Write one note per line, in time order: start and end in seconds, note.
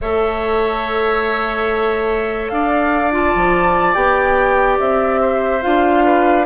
0.01 2.51 A3
0.01 3.12 A4
0.01 2.51 C#5
0.01 2.49 E5
2.49 3.34 D4
2.49 5.20 D5
2.49 3.11 F5
3.12 3.94 F4
3.12 3.93 A5
3.35 3.95 F3
3.93 4.78 B3
3.93 5.61 G4
3.93 4.77 G5
4.79 5.63 C4
4.79 5.62 E5
5.20 6.04 C5
5.61 6.45 D4
5.61 6.45 F4
5.61 6.45 F5
6.04 6.45 B4